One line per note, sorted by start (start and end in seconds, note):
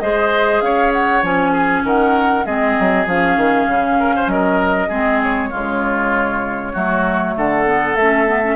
0.00 0.61 G#3
0.00 1.22 G#4
0.00 0.63 C5
0.00 0.61 D#5
0.61 1.22 C#4
0.61 1.52 C#5
0.61 0.92 F5
0.92 1.23 F#5
1.22 1.84 F3
1.22 2.45 C#4
1.22 1.86 G#5
1.52 1.83 G#4
1.84 2.45 D#3
1.84 2.45 A#4
1.84 2.46 F#5
2.45 2.76 G#3
2.45 3.07 C4
2.45 3.98 G#4
2.45 3.07 D#5
2.80 3.06 F#3
3.06 3.37 F3
3.06 4.90 C#4
3.06 4.29 F5
3.37 3.66 D#3
3.66 4.27 C#3
3.99 4.15 A#4
4.16 4.31 C5
4.27 4.88 F#3
4.27 4.88 A#4
4.27 5.21 D#5
4.88 5.51 G#3
4.88 5.51 C4
4.88 5.50 G#4
5.23 7.37 C#5
5.50 6.75 C#3
5.50 6.73 G#3
5.50 6.72 F4
6.73 7.36 F#3
6.73 7.66 A3
6.73 7.34 F#4
7.36 7.96 D3
7.36 8.56 A4
7.36 7.96 F#5
7.66 7.96 B3
7.96 8.56 A3
7.96 8.27 C#4
7.96 8.56 E5
8.27 8.42 B3
8.43 8.56 C#4